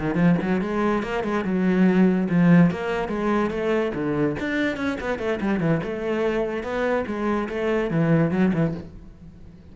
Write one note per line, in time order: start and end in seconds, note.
0.00 0.15 D#3
0.15 0.36 F3
0.42 0.62 F#3
0.62 1.03 G#3
1.03 1.24 A#3
1.24 1.45 G#3
1.45 2.28 F#3
2.30 2.71 F3
2.71 3.09 A#3
3.09 3.51 G#3
3.51 3.93 A3
3.95 4.37 D3
4.40 4.77 D4
4.77 4.98 C#4
5.01 5.19 B3
5.19 5.40 A3
5.41 5.60 G3
5.60 5.81 E3
5.84 6.64 A3
6.64 7.05 B3
7.07 7.49 G#3
7.49 7.91 A3
7.91 8.32 E3
8.32 8.53 F#3
8.54 8.75 E3